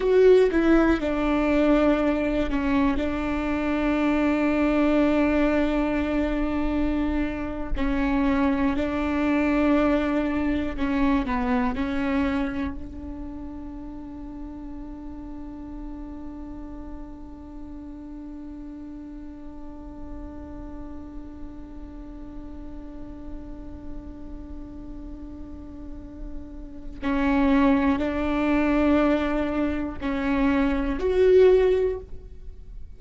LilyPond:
\new Staff \with { instrumentName = "viola" } { \time 4/4 \tempo 4 = 60 fis'8 e'8 d'4. cis'8 d'4~ | d'2.~ d'8. cis'16~ | cis'8. d'2 cis'8 b8 cis'16~ | cis'8. d'2.~ d'16~ |
d'1~ | d'1~ | d'2. cis'4 | d'2 cis'4 fis'4 | }